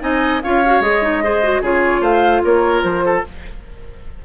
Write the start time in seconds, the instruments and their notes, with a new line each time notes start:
0.00 bassoon C4, clarinet D#4, oboe D#5, flute G#5
0.42 bassoon C#4, clarinet F4, oboe C#5, flute F5
0.65 clarinet F#4
0.80 bassoon G#3, clarinet G#4, flute D#5
1.02 clarinet D#4
1.23 clarinet G#4, oboe C5
1.43 clarinet F#4
1.61 bassoon C#3, clarinet F4, oboe G#4, flute C#5
2.00 bassoon A3, oboe C5, flute F5
2.44 bassoon A#3, oboe A#4, flute C#5
2.82 bassoon F3, flute C5
3.05 oboe A4